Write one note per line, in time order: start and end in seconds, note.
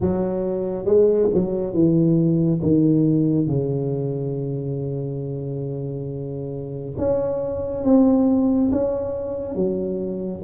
0.00 0.85 F#3
0.85 1.28 G#3
1.33 1.73 F#3
1.73 2.60 E3
2.61 3.47 D#3
3.47 6.95 C#3
6.97 7.83 C#4
7.83 8.70 C4
8.72 9.55 C#4
9.55 10.42 F#3